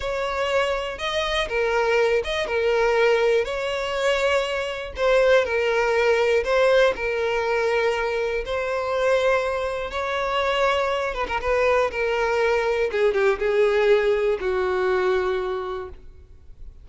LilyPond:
\new Staff \with { instrumentName = "violin" } { \time 4/4 \tempo 4 = 121 cis''2 dis''4 ais'4~ | ais'8 dis''8 ais'2 cis''4~ | cis''2 c''4 ais'4~ | ais'4 c''4 ais'2~ |
ais'4 c''2. | cis''2~ cis''8 b'16 ais'16 b'4 | ais'2 gis'8 g'8 gis'4~ | gis'4 fis'2. | }